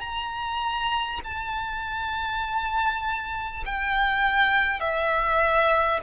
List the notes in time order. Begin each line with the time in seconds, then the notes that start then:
0.00 A#5
1.24 A5
3.65 G5
4.79 E5